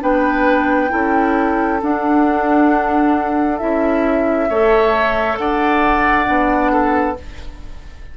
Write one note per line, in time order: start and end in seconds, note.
0.00 0.91 B3
0.00 0.90 D4
0.00 0.92 B4
0.00 1.82 G5
0.90 1.83 C#4
0.90 1.79 E4
0.90 4.49 A4
1.83 3.62 D4
1.83 3.60 D4
1.83 3.59 F#5
3.59 4.50 C#4
3.59 4.49 E4
3.59 5.38 E5
4.49 5.39 A3
4.49 6.26 A4
4.49 5.39 C#5
5.38 6.28 D4
5.38 6.72 D5
5.38 7.17 F#5
6.26 7.18 B3
6.26 7.16 D4
6.72 7.17 A4